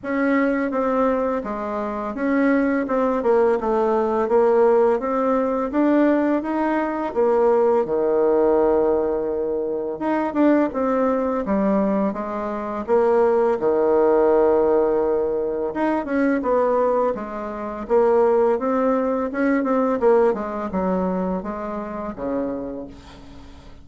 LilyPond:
\new Staff \with { instrumentName = "bassoon" } { \time 4/4 \tempo 4 = 84 cis'4 c'4 gis4 cis'4 | c'8 ais8 a4 ais4 c'4 | d'4 dis'4 ais4 dis4~ | dis2 dis'8 d'8 c'4 |
g4 gis4 ais4 dis4~ | dis2 dis'8 cis'8 b4 | gis4 ais4 c'4 cis'8 c'8 | ais8 gis8 fis4 gis4 cis4 | }